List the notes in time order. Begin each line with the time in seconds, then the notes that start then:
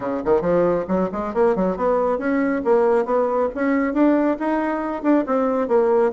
0.00 C#3
0.24 D#3
0.41 F3
0.87 F#3
1.12 G#3
1.34 A#3
1.55 F#3
1.77 B3
2.18 C#4
2.64 A#3
3.05 B3
3.55 C#4
3.93 D4
4.39 D#4
5.02 D4
5.26 C4
5.68 A#3